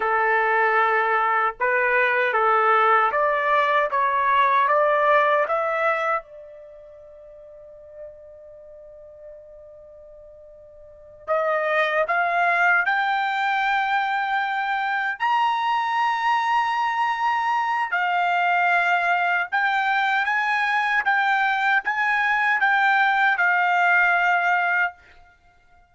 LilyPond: \new Staff \with { instrumentName = "trumpet" } { \time 4/4 \tempo 4 = 77 a'2 b'4 a'4 | d''4 cis''4 d''4 e''4 | d''1~ | d''2~ d''8 dis''4 f''8~ |
f''8 g''2. ais''8~ | ais''2. f''4~ | f''4 g''4 gis''4 g''4 | gis''4 g''4 f''2 | }